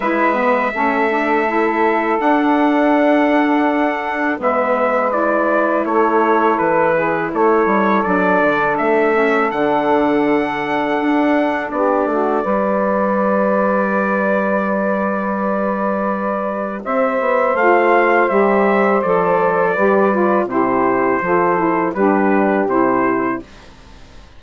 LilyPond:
<<
  \new Staff \with { instrumentName = "trumpet" } { \time 4/4 \tempo 4 = 82 e''2. fis''4~ | fis''2 e''4 d''4 | cis''4 b'4 cis''4 d''4 | e''4 fis''2. |
d''1~ | d''2. e''4 | f''4 e''4 d''2 | c''2 b'4 c''4 | }
  \new Staff \with { instrumentName = "saxophone" } { \time 4/4 b'4 a'2.~ | a'2 b'2 | a'4. gis'8 a'2~ | a'1 |
g'8 fis'8 b'2.~ | b'2. c''4~ | c''2. b'4 | g'4 a'4 g'2 | }
  \new Staff \with { instrumentName = "saxophone" } { \time 4/4 e'8 b8 cis'8 d'8 e'4 d'4~ | d'2 b4 e'4~ | e'2. d'4~ | d'8 cis'8 d'2.~ |
d'4 g'2.~ | g'1 | f'4 g'4 a'4 g'8 f'8 | e'4 f'8 e'8 d'4 e'4 | }
  \new Staff \with { instrumentName = "bassoon" } { \time 4/4 gis4 a2 d'4~ | d'2 gis2 | a4 e4 a8 g8 fis8 d8 | a4 d2 d'4 |
b8 a8 g2.~ | g2. c'8 b8 | a4 g4 f4 g4 | c4 f4 g4 c4 | }
>>